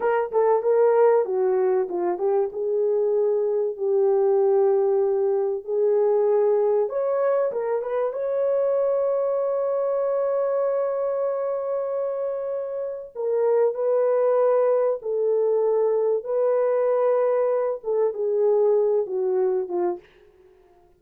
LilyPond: \new Staff \with { instrumentName = "horn" } { \time 4/4 \tempo 4 = 96 ais'8 a'8 ais'4 fis'4 f'8 g'8 | gis'2 g'2~ | g'4 gis'2 cis''4 | ais'8 b'8 cis''2.~ |
cis''1~ | cis''4 ais'4 b'2 | a'2 b'2~ | b'8 a'8 gis'4. fis'4 f'8 | }